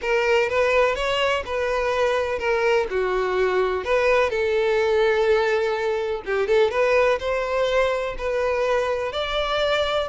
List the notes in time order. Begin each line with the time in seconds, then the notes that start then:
0.01 A#4
0.49 B4
0.95 C#5
1.45 B4
2.38 A#4
2.89 F#4
3.84 B4
4.30 A4
6.25 G4
6.47 A4
6.70 B4
7.19 C5
8.18 B4
9.12 D5